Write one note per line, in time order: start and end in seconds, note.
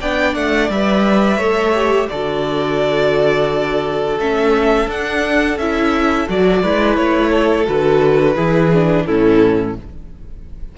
0.00 0.35 B3
0.00 0.72 D4
0.00 1.37 D5
0.00 0.35 G5
0.35 0.69 A3
0.35 0.70 F#5
0.69 1.38 G3
0.69 1.41 B4
0.69 2.09 E5
1.37 2.07 A3
1.37 1.74 A4
1.37 2.07 C#5
1.74 2.09 G4
2.09 4.18 D3
2.09 4.21 F#4
2.09 6.62 A4
2.09 4.18 D5
4.18 4.87 A3
4.18 4.87 C#4
4.18 4.90 E5
4.87 5.57 D4
4.87 5.58 F#5
5.57 6.27 C#4
5.57 6.28 E4
5.57 6.28 E5
6.28 6.64 F#3
6.28 6.63 F#4
6.28 6.96 D5
6.62 6.98 G#3
6.62 7.65 E4
6.62 7.30 B4
6.96 7.68 A3
6.96 7.66 C#5
7.30 8.35 A4
7.65 8.37 D3
7.65 8.35 F#4
7.65 9.06 B4
8.35 9.07 E3
8.35 8.70 E4
8.35 9.05 G#4
8.74 9.08 D4
9.06 9.78 A2
9.06 9.78 C#4
9.06 9.75 E4
9.06 9.75 A4